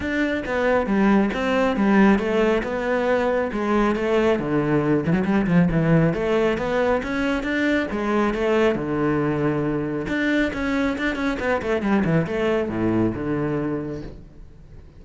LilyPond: \new Staff \with { instrumentName = "cello" } { \time 4/4 \tempo 4 = 137 d'4 b4 g4 c'4 | g4 a4 b2 | gis4 a4 d4. e16 fis16 | g8 f8 e4 a4 b4 |
cis'4 d'4 gis4 a4 | d2. d'4 | cis'4 d'8 cis'8 b8 a8 g8 e8 | a4 a,4 d2 | }